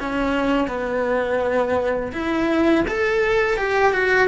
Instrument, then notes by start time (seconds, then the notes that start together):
cello
0.00 C#4
0.68 B3
2.13 E4
2.88 A4
3.57 G4
3.93 F#4